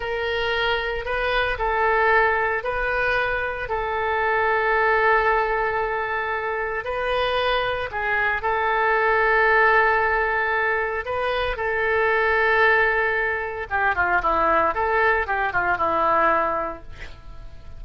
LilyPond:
\new Staff \with { instrumentName = "oboe" } { \time 4/4 \tempo 4 = 114 ais'2 b'4 a'4~ | a'4 b'2 a'4~ | a'1~ | a'4 b'2 gis'4 |
a'1~ | a'4 b'4 a'2~ | a'2 g'8 f'8 e'4 | a'4 g'8 f'8 e'2 | }